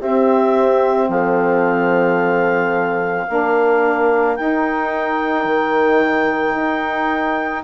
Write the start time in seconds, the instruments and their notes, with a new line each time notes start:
0.00 saxophone C4, bassoon C4, horn G4, clarinet E5
1.09 bassoon F3, horn A4, clarinet F5
3.28 bassoon A#3, saxophone D4, horn A#4
4.36 saxophone D#4, bassoon D#4, clarinet G5
5.45 bassoon D#3
6.55 bassoon D#4